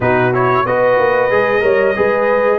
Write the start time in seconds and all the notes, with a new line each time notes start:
0.00 B2 D#4 F#4 B4
0.33 E4 C#5
0.66 B3 F#4 B4 D#5
0.98 A#3
1.30 G#3 G#4
1.61 G3 A#4 C#5
1.95 G#3 G#4 B4